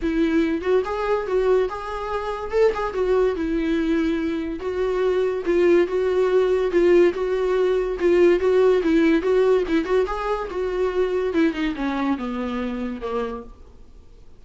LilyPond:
\new Staff \with { instrumentName = "viola" } { \time 4/4 \tempo 4 = 143 e'4. fis'8 gis'4 fis'4 | gis'2 a'8 gis'8 fis'4 | e'2. fis'4~ | fis'4 f'4 fis'2 |
f'4 fis'2 f'4 | fis'4 e'4 fis'4 e'8 fis'8 | gis'4 fis'2 e'8 dis'8 | cis'4 b2 ais4 | }